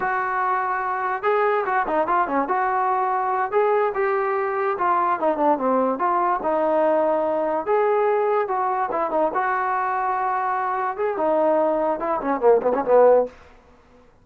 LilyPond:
\new Staff \with { instrumentName = "trombone" } { \time 4/4 \tempo 4 = 145 fis'2. gis'4 | fis'8 dis'8 f'8 cis'8 fis'2~ | fis'8 gis'4 g'2 f'8~ | f'8 dis'8 d'8 c'4 f'4 dis'8~ |
dis'2~ dis'8 gis'4.~ | gis'8 fis'4 e'8 dis'8 fis'4.~ | fis'2~ fis'8 gis'8 dis'4~ | dis'4 e'8 cis'8 ais8 b16 cis'16 b4 | }